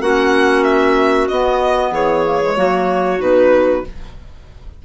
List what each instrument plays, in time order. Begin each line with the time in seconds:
0.00 bassoon A#3, clarinet C#4 F#4, violin F#5
0.63 violin E5
1.28 bassoon B3, clarinet B3, violin D#5
1.91 bassoon E3, clarinet G#4, violin C#5
2.25 clarinet A#3
2.41 clarinet G#3
2.56 bassoon F#3, clarinet A#3 F#4
3.18 bassoon B2, clarinet D#4, violin B4